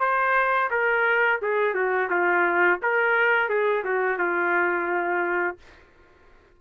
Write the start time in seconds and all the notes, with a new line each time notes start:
0.00 C5
0.71 A#4
1.42 G#4
1.74 F#4
2.10 F4
2.83 A#4
3.49 G#4
3.84 F#4
4.18 F4